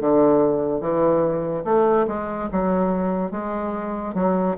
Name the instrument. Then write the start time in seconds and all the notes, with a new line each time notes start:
bassoon
0.00 D3
0.81 E3
1.64 A3
2.07 G#3
2.52 F#3
3.31 G#3
4.14 F#3